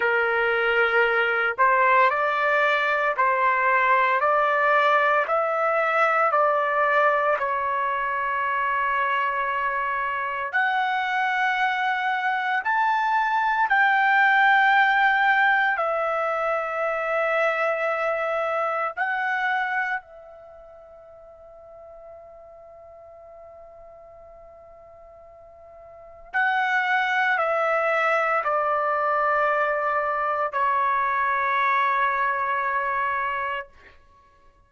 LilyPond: \new Staff \with { instrumentName = "trumpet" } { \time 4/4 \tempo 4 = 57 ais'4. c''8 d''4 c''4 | d''4 e''4 d''4 cis''4~ | cis''2 fis''2 | a''4 g''2 e''4~ |
e''2 fis''4 e''4~ | e''1~ | e''4 fis''4 e''4 d''4~ | d''4 cis''2. | }